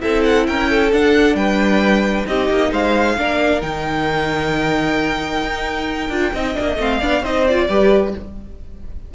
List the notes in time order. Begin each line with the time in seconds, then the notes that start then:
0.00 C4 E4 A4 E5
0.24 F#5
0.47 C#4 A#4 G5
0.70 A4
0.93 D4 F#5
1.35 G3 B4 G5
2.27 C4 D#4 G4 D#5
2.50 A#3
2.71 G#3 C5 F5
3.17 A#3 D4 A#4
3.61 D#3 D#4 G5
5.43 D#4
6.09 D4 F4
6.34 C4 D#4 D#5
6.54 A#3 D4
6.76 A3 C4 F5
7.01 B3 D4 D5
7.23 C4 D#4 C5 D#5
7.47 F4 D5
7.69 G3 G4 B4